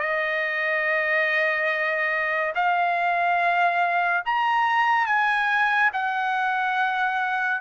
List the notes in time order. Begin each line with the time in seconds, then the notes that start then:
0.00 D#5
2.55 F5
4.26 A#5
5.06 G#5
5.93 F#5